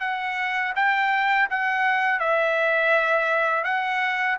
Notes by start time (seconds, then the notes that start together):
0.00 F#5
0.75 G5
1.50 F#5
2.20 E5
3.64 F#5